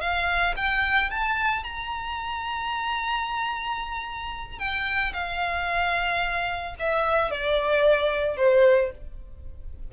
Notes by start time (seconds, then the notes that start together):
0.00 F5
0.56 G5
1.10 A5
1.63 A#5
4.59 G5
5.13 F5
6.79 E5
7.30 D5
8.37 C5